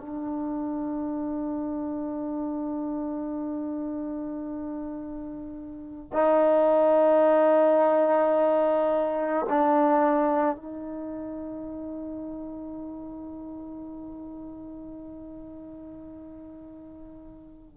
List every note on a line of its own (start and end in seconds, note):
0.00 6.11 D4
6.13 9.46 D#4
9.49 10.56 D4
10.56 17.77 D#4